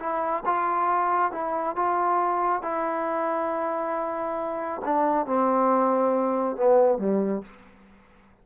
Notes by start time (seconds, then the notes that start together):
0.00 E4
0.46 F4
1.32 E4
1.76 F4
2.63 E4
4.85 D4
5.27 C4
6.57 B3
6.99 G3